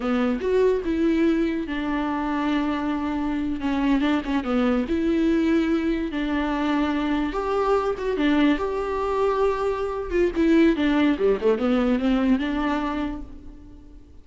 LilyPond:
\new Staff \with { instrumentName = "viola" } { \time 4/4 \tempo 4 = 145 b4 fis'4 e'2 | d'1~ | d'8. cis'4 d'8 cis'8 b4 e'16~ | e'2~ e'8. d'4~ d'16~ |
d'4.~ d'16 g'4. fis'8 d'16~ | d'8. g'2.~ g'16~ | g'8 f'8 e'4 d'4 g8 a8 | b4 c'4 d'2 | }